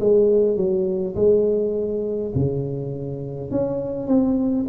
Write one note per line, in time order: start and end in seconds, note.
0.00 0.56 G#3
0.56 1.15 F#3
1.15 2.32 G#3
2.35 3.51 C#3
3.51 4.07 C#4
4.07 4.65 C4